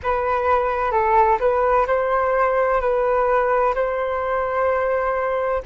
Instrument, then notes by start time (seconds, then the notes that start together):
flute
0.03 B4
0.91 A4
1.39 B4
1.87 C5
2.80 B4
3.75 C5